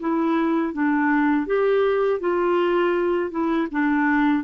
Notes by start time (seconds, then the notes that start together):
0.00 E4
0.73 D4
1.46 G4
2.20 F4
3.31 E4
3.71 D4